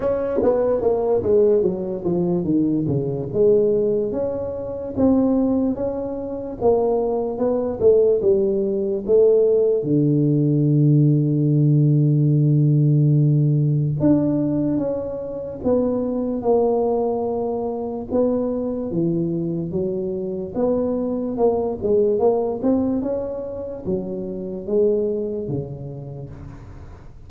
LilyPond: \new Staff \with { instrumentName = "tuba" } { \time 4/4 \tempo 4 = 73 cis'8 b8 ais8 gis8 fis8 f8 dis8 cis8 | gis4 cis'4 c'4 cis'4 | ais4 b8 a8 g4 a4 | d1~ |
d4 d'4 cis'4 b4 | ais2 b4 e4 | fis4 b4 ais8 gis8 ais8 c'8 | cis'4 fis4 gis4 cis4 | }